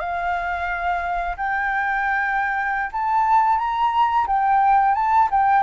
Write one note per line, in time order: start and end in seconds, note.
0.00 1.36 F5
1.37 2.90 G5
2.92 3.58 A5
3.58 4.26 A#5
4.27 4.95 G5
4.95 5.29 A5
5.31 5.63 G5